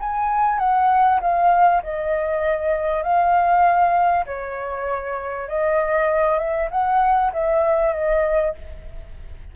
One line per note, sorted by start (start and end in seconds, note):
0.00 0.58 G#5
0.58 1.20 F#5
1.21 1.82 F5
1.83 3.03 D#5
3.03 4.25 F5
4.26 5.48 C#5
5.48 6.38 D#5
6.38 6.69 E5
6.71 7.32 F#5
7.33 7.93 E5
7.93 8.54 D#5